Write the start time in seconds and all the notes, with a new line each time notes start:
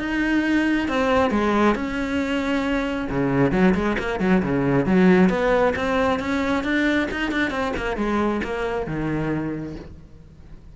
0.00 D#4
0.88 C4
1.31 G#3
1.75 C#4
3.11 C#3
3.53 F#3
3.75 G#3
3.99 A#3
4.20 F#3
4.43 C#3
4.86 F#3
5.30 B3
5.77 C4
6.20 C#4
6.64 D4
7.12 D#4
7.32 D4
7.51 C4
7.77 A#3
7.97 G#3
8.44 A#3
8.87 D#3